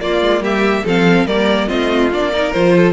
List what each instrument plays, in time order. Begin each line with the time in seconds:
0.00 viola A#3, cello A#3, violin F4 D5
0.21 cello G#3
0.40 cello G3, violin G4 E5
0.84 cello F3, viola C4, violin A4 F5
1.25 cello G3, viola A#3, violin A#4 D5
1.67 cello A3, viola C4, violin F4 D#5
2.12 cello A#3, viola D4, violin D5
2.32 viola D#4, violin A#4
2.52 cello F3, viola F4, violin C5
2.76 violin A4